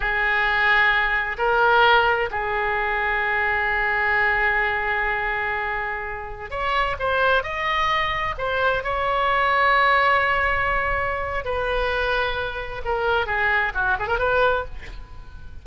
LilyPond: \new Staff \with { instrumentName = "oboe" } { \time 4/4 \tempo 4 = 131 gis'2. ais'4~ | ais'4 gis'2.~ | gis'1~ | gis'2~ gis'16 cis''4 c''8.~ |
c''16 dis''2 c''4 cis''8.~ | cis''1~ | cis''4 b'2. | ais'4 gis'4 fis'8 gis'16 ais'16 b'4 | }